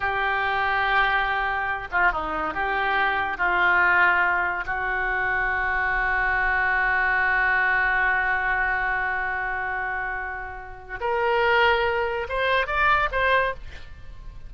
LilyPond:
\new Staff \with { instrumentName = "oboe" } { \time 4/4 \tempo 4 = 142 g'1~ | g'8 f'8 dis'4 g'2 | f'2. fis'4~ | fis'1~ |
fis'1~ | fis'1~ | fis'2 ais'2~ | ais'4 c''4 d''4 c''4 | }